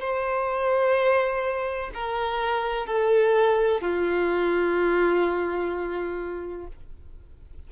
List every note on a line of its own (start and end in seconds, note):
0.00 1.90 C5
1.94 2.86 A#4
2.86 3.81 A4
3.81 6.67 F4